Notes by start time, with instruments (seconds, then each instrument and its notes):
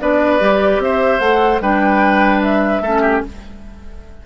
0.00 bassoon B3, clarinet D4, oboe B4, flute D5
0.40 bassoon G3, clarinet G4
0.78 bassoon C4, oboe C5, flute E5
1.19 bassoon A3, clarinet A4, flute F#5
1.60 bassoon G3, clarinet D4, oboe B4, flute G5
2.42 flute E5
2.80 bassoon A3, clarinet C#4, oboe A4
3.01 oboe G4